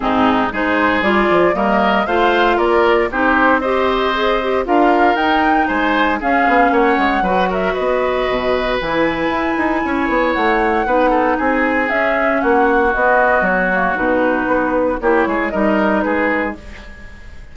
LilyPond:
<<
  \new Staff \with { instrumentName = "flute" } { \time 4/4 \tempo 4 = 116 gis'4 c''4 d''4 dis''4 | f''4 d''4 c''4 dis''4~ | dis''4 f''4 g''4 gis''4 | f''4 fis''4. e''8 dis''4~ |
dis''4 gis''2. | fis''2 gis''4 e''4 | fis''4 dis''4 cis''4 b'4~ | b'4 cis''4 dis''4 b'4 | }
  \new Staff \with { instrumentName = "oboe" } { \time 4/4 dis'4 gis'2 ais'4 | c''4 ais'4 g'4 c''4~ | c''4 ais'2 c''4 | gis'4 cis''4 b'8 ais'8 b'4~ |
b'2. cis''4~ | cis''4 b'8 a'8 gis'2 | fis'1~ | fis'4 g'8 gis'8 ais'4 gis'4 | }
  \new Staff \with { instrumentName = "clarinet" } { \time 4/4 c'4 dis'4 f'4 ais4 | f'2 dis'4 g'4 | gis'8 g'8 f'4 dis'2 | cis'2 fis'2~ |
fis'4 e'2.~ | e'4 dis'2 cis'4~ | cis'4 b4. ais8 dis'4~ | dis'4 e'4 dis'2 | }
  \new Staff \with { instrumentName = "bassoon" } { \time 4/4 gis,4 gis4 g8 f8 g4 | a4 ais4 c'2~ | c'4 d'4 dis'4 gis4 | cis'8 b8 ais8 gis8 fis4 b4 |
b,4 e4 e'8 dis'8 cis'8 b8 | a4 b4 c'4 cis'4 | ais4 b4 fis4 b,4 | b4 ais8 gis8 g4 gis4 | }
>>